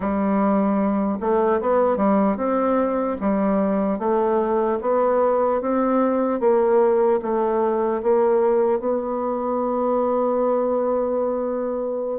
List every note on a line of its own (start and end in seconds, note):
0.00 1.18 G3
1.20 1.60 A3
1.60 1.96 B3
1.96 2.36 G3
2.36 3.16 C4
3.20 3.98 G3
3.98 4.78 A3
4.81 5.61 B3
5.61 6.40 C4
6.40 7.20 A#3
7.22 8.02 A3
8.02 8.79 A#3
8.79 12.19 B3